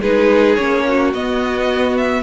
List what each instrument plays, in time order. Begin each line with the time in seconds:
0.00 cello G#3, viola D#4, violin G#4 B4
0.55 cello A#3, viola C#4, violin C#5
0.87 violin F#4
1.13 cello B3, viola B3, violin D#5
1.96 violin E5